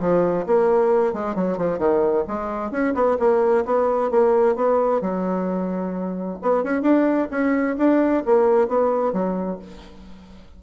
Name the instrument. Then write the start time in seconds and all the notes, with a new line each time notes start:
bassoon
0.00 F3
0.47 A#3
1.13 G#3
1.36 F#3
1.58 F3
1.79 D#3
2.28 G#3
2.71 C#4
2.95 B3
3.19 A#3
3.65 B3
4.11 A#3
4.56 B3
5.01 F#3
6.42 B3
6.64 C#4
6.82 D4
7.31 C#4
7.78 D4
8.26 A#3
8.68 B3
9.13 F#3